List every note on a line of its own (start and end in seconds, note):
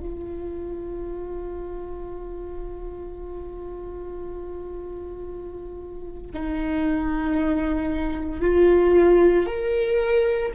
0.00 6.32 F4
6.33 8.41 D#4
8.41 9.46 F4
9.46 10.52 A#4